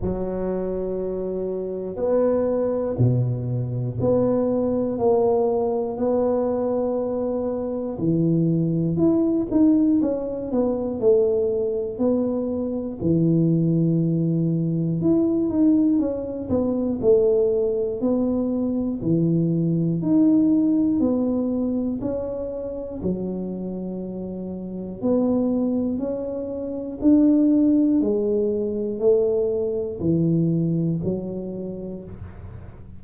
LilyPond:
\new Staff \with { instrumentName = "tuba" } { \time 4/4 \tempo 4 = 60 fis2 b4 b,4 | b4 ais4 b2 | e4 e'8 dis'8 cis'8 b8 a4 | b4 e2 e'8 dis'8 |
cis'8 b8 a4 b4 e4 | dis'4 b4 cis'4 fis4~ | fis4 b4 cis'4 d'4 | gis4 a4 e4 fis4 | }